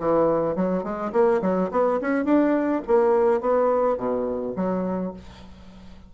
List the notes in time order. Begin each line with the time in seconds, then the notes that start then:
0.00 E3
0.56 F#3
0.84 G#3
1.13 A#3
1.42 F#3
1.72 B3
2.02 C#4
2.25 D4
2.87 A#3
3.41 B3
3.98 B2
4.56 F#3